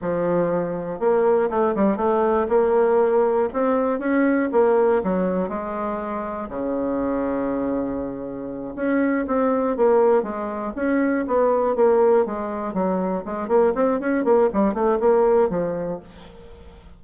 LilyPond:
\new Staff \with { instrumentName = "bassoon" } { \time 4/4 \tempo 4 = 120 f2 ais4 a8 g8 | a4 ais2 c'4 | cis'4 ais4 fis4 gis4~ | gis4 cis2.~ |
cis4. cis'4 c'4 ais8~ | ais8 gis4 cis'4 b4 ais8~ | ais8 gis4 fis4 gis8 ais8 c'8 | cis'8 ais8 g8 a8 ais4 f4 | }